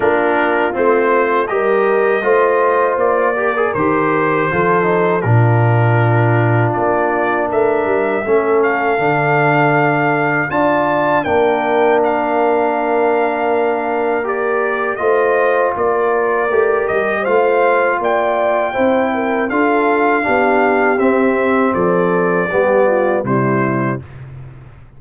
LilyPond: <<
  \new Staff \with { instrumentName = "trumpet" } { \time 4/4 \tempo 4 = 80 ais'4 c''4 dis''2 | d''4 c''2 ais'4~ | ais'4 d''4 e''4. f''8~ | f''2 a''4 g''4 |
f''2. d''4 | dis''4 d''4. dis''8 f''4 | g''2 f''2 | e''4 d''2 c''4 | }
  \new Staff \with { instrumentName = "horn" } { \time 4/4 f'2 ais'4 c''4~ | c''8 ais'4. a'4 f'4~ | f'2 ais'4 a'4~ | a'2 d''4 ais'4~ |
ais'1 | c''4 ais'2 c''4 | d''4 c''8 ais'8 a'4 g'4~ | g'4 a'4 g'8 f'8 e'4 | }
  \new Staff \with { instrumentName = "trombone" } { \time 4/4 d'4 c'4 g'4 f'4~ | f'8 g'16 gis'16 g'4 f'8 dis'8 d'4~ | d'2. cis'4 | d'2 f'4 d'4~ |
d'2. g'4 | f'2 g'4 f'4~ | f'4 e'4 f'4 d'4 | c'2 b4 g4 | }
  \new Staff \with { instrumentName = "tuba" } { \time 4/4 ais4 a4 g4 a4 | ais4 dis4 f4 ais,4~ | ais,4 ais4 a8 g8 a4 | d2 d'4 ais4~ |
ais1 | a4 ais4 a8 g8 a4 | ais4 c'4 d'4 b4 | c'4 f4 g4 c4 | }
>>